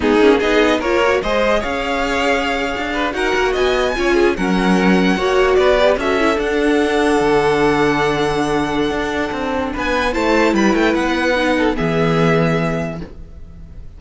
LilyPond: <<
  \new Staff \with { instrumentName = "violin" } { \time 4/4 \tempo 4 = 148 gis'4 dis''4 cis''4 dis''4 | f''2.~ f''8. fis''16~ | fis''8. gis''2 fis''4~ fis''16~ | fis''4.~ fis''16 d''4 e''4 fis''16~ |
fis''1~ | fis''1 | gis''4 a''4 b''8 g''8 fis''4~ | fis''4 e''2. | }
  \new Staff \with { instrumentName = "violin" } { \time 4/4 dis'4 gis'4 ais'4 c''4 | cis''2.~ cis''16 b'8 ais'16~ | ais'8. dis''4 cis''8 gis'8 ais'4~ ais'16~ | ais'8. cis''4 b'4 a'4~ a'16~ |
a'1~ | a'1 | b'4 c''4 b'2~ | b'8 a'8 gis'2. | }
  \new Staff \with { instrumentName = "viola" } { \time 4/4 b8 cis'8 dis'4 f'8 fis'8 gis'4~ | gis'2.~ gis'8. fis'16~ | fis'4.~ fis'16 f'4 cis'4~ cis'16~ | cis'8. fis'4. g'8 fis'8 e'8 d'16~ |
d'1~ | d'1~ | d'4 e'2. | dis'4 b2. | }
  \new Staff \with { instrumentName = "cello" } { \time 4/4 gis8 ais8 b4 ais4 gis4 | cis'2~ cis'8. d'4 dis'16~ | dis'16 ais8 b4 cis'4 fis4~ fis16~ | fis8. ais4 b4 cis'4 d'16~ |
d'4.~ d'16 d2~ d16~ | d2 d'4 c'4 | b4 a4 g8 a8 b4~ | b4 e2. | }
>>